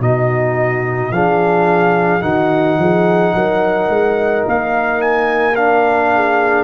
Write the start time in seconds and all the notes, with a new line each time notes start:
0.00 B2 D#4 F#4 D#5
1.11 F3 D4 G#4 F5
2.20 D#3 D#4 F#4 F#5
2.78 F3 G#4
3.34 F#3 A#4
3.89 G#3
4.47 A#3 F5
5.01 G#5
5.56 D4 F5
6.15 G#4